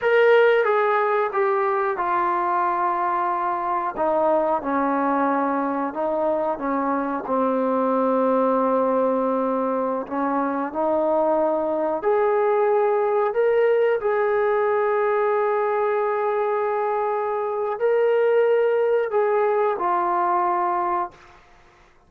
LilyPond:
\new Staff \with { instrumentName = "trombone" } { \time 4/4 \tempo 4 = 91 ais'4 gis'4 g'4 f'4~ | f'2 dis'4 cis'4~ | cis'4 dis'4 cis'4 c'4~ | c'2.~ c'16 cis'8.~ |
cis'16 dis'2 gis'4.~ gis'16~ | gis'16 ais'4 gis'2~ gis'8.~ | gis'2. ais'4~ | ais'4 gis'4 f'2 | }